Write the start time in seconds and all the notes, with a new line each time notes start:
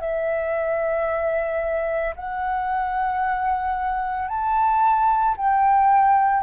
0.00 E5
2.15 F#5
4.28 A5
5.37 G5